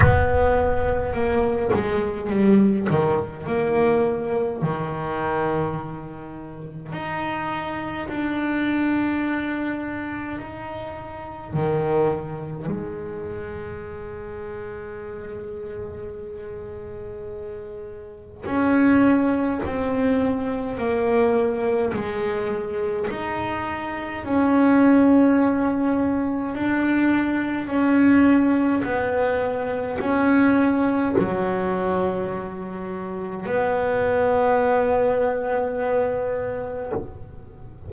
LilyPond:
\new Staff \with { instrumentName = "double bass" } { \time 4/4 \tempo 4 = 52 b4 ais8 gis8 g8 dis8 ais4 | dis2 dis'4 d'4~ | d'4 dis'4 dis4 gis4~ | gis1 |
cis'4 c'4 ais4 gis4 | dis'4 cis'2 d'4 | cis'4 b4 cis'4 fis4~ | fis4 b2. | }